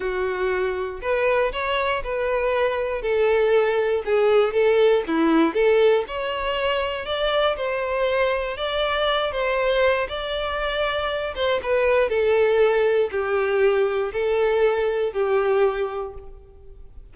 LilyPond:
\new Staff \with { instrumentName = "violin" } { \time 4/4 \tempo 4 = 119 fis'2 b'4 cis''4 | b'2 a'2 | gis'4 a'4 e'4 a'4 | cis''2 d''4 c''4~ |
c''4 d''4. c''4. | d''2~ d''8 c''8 b'4 | a'2 g'2 | a'2 g'2 | }